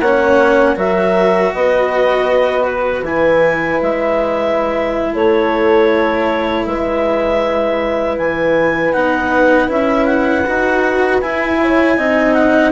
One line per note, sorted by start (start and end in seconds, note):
0.00 0.76 A#3
0.00 0.76 C#4
0.00 0.77 C#5
0.00 0.76 F#5
0.76 1.52 F#3
0.76 3.04 F#4
0.76 1.53 A#4
0.76 1.54 E5
1.54 3.02 B3
1.54 5.13 B4
1.54 2.65 D#5
2.65 3.03 B4
3.02 3.78 E3
3.02 8.93 E4
3.02 3.81 G#5
3.82 5.14 G#3
3.82 5.15 E5
5.13 6.66 A3
5.13 6.65 A4
5.13 6.65 C#5
6.65 8.18 G#3
6.65 11.61 B4
6.65 8.17 E5
8.17 8.94 E3
8.17 8.93 G#5
8.93 9.69 B3
8.93 9.68 D#4
8.93 9.69 F#5
9.68 10.45 C#4
9.68 10.44 E4
9.68 10.05 E5
10.05 11.19 F#5
10.46 11.23 D#4
10.46 11.22 F#4
11.21 11.98 E4
11.21 12.34 G#5
11.61 11.97 C#5
11.97 12.72 C4
11.97 12.72 D#4
11.97 12.72 D#5
12.34 12.72 F#5